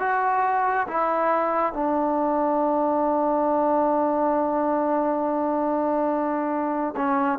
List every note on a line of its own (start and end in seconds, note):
0.00 0.87 F#4
0.88 1.74 E4
1.74 6.95 D4
6.97 7.40 C#4